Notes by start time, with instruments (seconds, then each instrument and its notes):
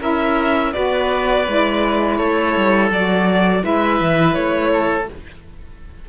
0.00 cello C#4, saxophone E4, oboe A#4, violin E5
0.72 cello B3, saxophone F#4, oboe B4, violin D5
1.46 cello G#3, saxophone E4
2.17 cello A3, oboe A4, violin C#5
2.57 cello G3
2.90 cello F#3, saxophone F#4, violin D5
3.60 cello G#3, saxophone E4, oboe B4, violin E5
4.00 cello E3
4.34 cello A3, violin C#5
4.72 oboe A4